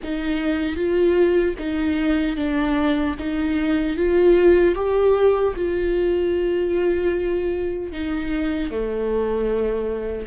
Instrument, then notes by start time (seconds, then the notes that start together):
viola
0.03 D#4
0.75 F4
1.58 D#4
2.36 D4
3.18 D#4
3.97 F4
4.75 G4
5.55 F4
7.92 D#4
8.71 A3